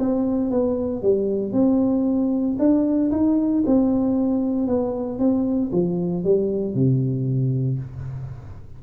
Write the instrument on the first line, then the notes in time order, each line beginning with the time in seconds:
tuba
0.00 C4
0.51 B3
1.03 G3
1.53 C4
2.59 D4
3.12 D#4
3.67 C4
4.68 B3
5.19 C4
5.73 F3
6.24 G3
6.75 C3